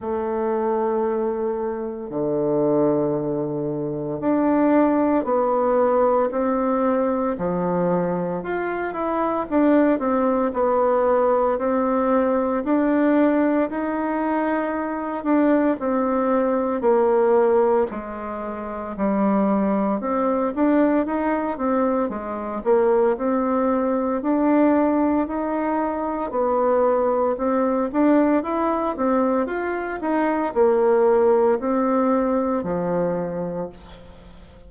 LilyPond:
\new Staff \with { instrumentName = "bassoon" } { \time 4/4 \tempo 4 = 57 a2 d2 | d'4 b4 c'4 f4 | f'8 e'8 d'8 c'8 b4 c'4 | d'4 dis'4. d'8 c'4 |
ais4 gis4 g4 c'8 d'8 | dis'8 c'8 gis8 ais8 c'4 d'4 | dis'4 b4 c'8 d'8 e'8 c'8 | f'8 dis'8 ais4 c'4 f4 | }